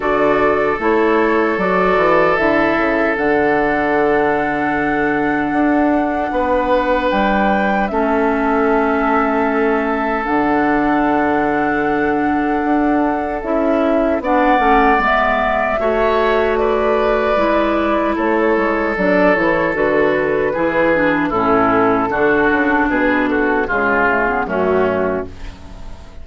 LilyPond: <<
  \new Staff \with { instrumentName = "flute" } { \time 4/4 \tempo 4 = 76 d''4 cis''4 d''4 e''4 | fis''1~ | fis''4 g''4 e''2~ | e''4 fis''2.~ |
fis''4 e''4 fis''4 e''4~ | e''4 d''2 cis''4 | d''8 cis''8 b'2 a'4~ | a'4 b'8 a'8 gis'4 fis'4 | }
  \new Staff \with { instrumentName = "oboe" } { \time 4/4 a'1~ | a'1 | b'2 a'2~ | a'1~ |
a'2 d''2 | cis''4 b'2 a'4~ | a'2 gis'4 e'4 | fis'4 gis'8 fis'8 f'4 cis'4 | }
  \new Staff \with { instrumentName = "clarinet" } { \time 4/4 fis'4 e'4 fis'4 e'4 | d'1~ | d'2 cis'2~ | cis'4 d'2.~ |
d'4 e'4 d'8 cis'8 b4 | fis'2 e'2 | d'8 e'8 fis'4 e'8 d'8 cis'4 | d'2 gis8 a16 b16 a4 | }
  \new Staff \with { instrumentName = "bassoon" } { \time 4/4 d4 a4 fis8 e8 d8 cis8 | d2. d'4 | b4 g4 a2~ | a4 d2. |
d'4 cis'4 b8 a8 gis4 | a2 gis4 a8 gis8 | fis8 e8 d4 e4 a,4 | d8 cis8 b,4 cis4 fis,4 | }
>>